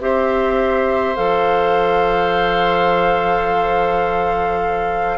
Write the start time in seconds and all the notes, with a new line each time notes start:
0.00 C4 G4 C5 E5
1.15 F3 A4 F5